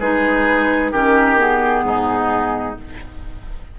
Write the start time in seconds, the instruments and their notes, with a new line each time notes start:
0.00 bassoon G#3, clarinet D#4, oboe G#4, flute B4
0.92 bassoon D#3, clarinet C#4, oboe G4, flute A#4
1.37 clarinet B3, flute G#4
1.84 bassoon G#2, oboe D#4